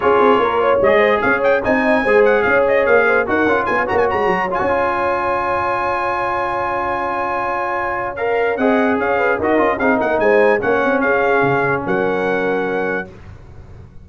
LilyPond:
<<
  \new Staff \with { instrumentName = "trumpet" } { \time 4/4 \tempo 4 = 147 cis''2 dis''4 f''8 g''8 | gis''4. fis''8 f''8 dis''8 f''4 | fis''4 gis''8 ais''16 gis''16 ais''4 gis''4~ | gis''1~ |
gis''1 | f''4 fis''4 f''4 dis''4 | f''8 fis''8 gis''4 fis''4 f''4~ | f''4 fis''2. | }
  \new Staff \with { instrumentName = "horn" } { \time 4/4 gis'4 ais'8 cis''4 c''8 cis''4 | dis''4 c''4 cis''4. c''8 | ais'4 cis''2.~ | cis''1~ |
cis''1~ | cis''4 dis''4 cis''8 b'8 ais'4 | gis'8 ais'8 c''4 cis''4 gis'4~ | gis'4 ais'2. | }
  \new Staff \with { instrumentName = "trombone" } { \time 4/4 f'2 gis'2 | dis'4 gis'2. | fis'8 f'4 fis'4. f'16 fis'16 f'8~ | f'1~ |
f'1 | ais'4 gis'2 fis'8 f'8 | dis'2 cis'2~ | cis'1 | }
  \new Staff \with { instrumentName = "tuba" } { \time 4/4 cis'8 c'8 ais4 gis4 cis'4 | c'4 gis4 cis'4 ais4 | dis'8 cis'8 b8 ais8 gis8 fis8. cis'8.~ | cis'1~ |
cis'1~ | cis'4 c'4 cis'4 dis'8 cis'8 | c'8 ais8 gis4 ais8 c'8 cis'4 | cis4 fis2. | }
>>